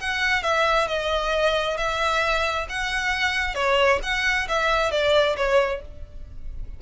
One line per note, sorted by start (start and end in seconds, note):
0.00 0.43 F#5
0.43 0.87 E5
0.87 1.77 D#5
1.77 2.66 E5
2.69 3.54 F#5
3.54 3.99 C#5
4.03 4.47 F#5
4.48 4.91 E5
4.91 5.36 D5
5.36 5.81 C#5